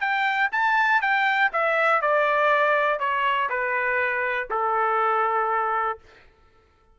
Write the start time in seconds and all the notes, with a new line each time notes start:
0.00 G5
0.51 A5
1.01 G5
1.52 E5
2.01 D5
2.99 C#5
3.49 B4
4.50 A4